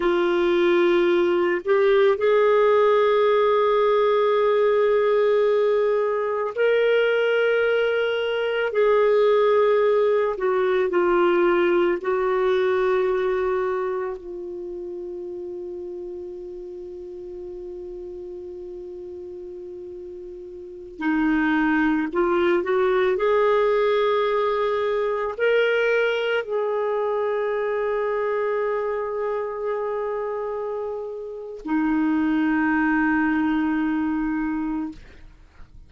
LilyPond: \new Staff \with { instrumentName = "clarinet" } { \time 4/4 \tempo 4 = 55 f'4. g'8 gis'2~ | gis'2 ais'2 | gis'4. fis'8 f'4 fis'4~ | fis'4 f'2.~ |
f'2.~ f'16 dis'8.~ | dis'16 f'8 fis'8 gis'2 ais'8.~ | ais'16 gis'2.~ gis'8.~ | gis'4 dis'2. | }